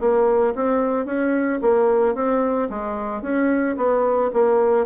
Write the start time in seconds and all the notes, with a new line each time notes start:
0.00 A#3
0.55 C4
1.05 C#4
1.62 A#3
2.15 C4
2.70 G#3
3.22 C#4
3.77 B3
4.33 A#3